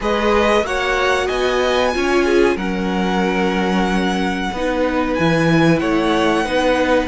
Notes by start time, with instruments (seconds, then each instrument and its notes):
0.00 cello G#3, viola G#4, violin B4 D#5
0.63 cello A#3, viola F#4, violin C#5 F#5
1.26 cello B3, violin D#5 G#5
1.92 cello C#4, viola F4, violin C#5
2.24 violin G#4
2.56 cello F#3, viola C#4, violin A#4 F#5
4.52 cello B3, viola D#4, violin B4
5.14 cello E3, viola E4, violin G#5
5.79 cello A3, violin C#5 F#5
6.44 cello B3, viola D#4, violin B4